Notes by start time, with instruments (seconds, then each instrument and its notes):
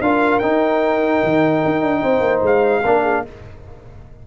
0.00 tuba D4, trombone F4, horn A#4, trumpet F5
0.39 tuba D#4, trombone D#4, trumpet G5
1.23 tuba D#3
1.65 tuba D#4
1.82 tuba D4
2.02 tuba C4, horn C5
2.20 tuba A#3
2.42 tuba G#3, trumpet F5
2.82 tuba A#3, trombone D4, horn A#4
3.02 horn G#4